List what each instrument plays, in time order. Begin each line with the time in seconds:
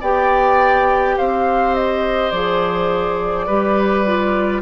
0.00 bassoon B3, clarinet G4, oboe D5, flute G5
1.17 bassoon C4, oboe C5, flute F5
1.74 flute D#5
2.31 bassoon F3, clarinet G#4, flute D5
3.46 bassoon G3, clarinet G4, oboe B4
4.06 clarinet F4